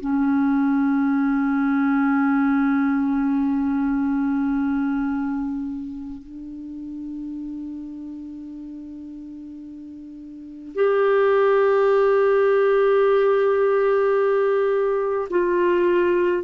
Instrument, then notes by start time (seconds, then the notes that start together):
clarinet
0.00 C#4
6.23 D4
10.75 G4
15.30 F4